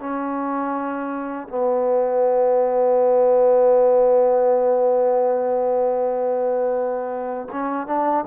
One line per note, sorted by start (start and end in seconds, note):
0.00 1.49 C#4
1.49 7.49 B3
7.52 7.88 C#4
7.88 8.25 D4